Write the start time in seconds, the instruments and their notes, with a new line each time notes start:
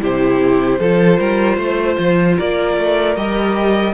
0.00 cello C3, viola E4, violin G4 C5
0.79 cello F3, viola F4, violin A4
1.19 cello G3, violin A#4
1.56 cello A3, violin C5
1.98 cello F3
2.37 cello A#3, violin A#4 D5
2.77 cello A3
3.16 cello G3, viola G4, violin D#5